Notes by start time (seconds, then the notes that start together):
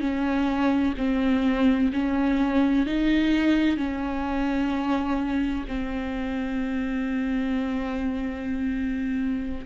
0.00 C#4
0.97 C4
1.93 C#4
2.86 D#4
3.77 C#4
5.68 C4